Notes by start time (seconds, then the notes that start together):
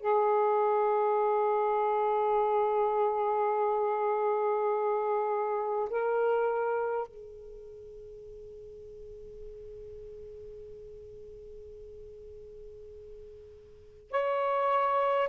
0.00 G#4
5.89 A#4
7.07 G#4
14.11 C#5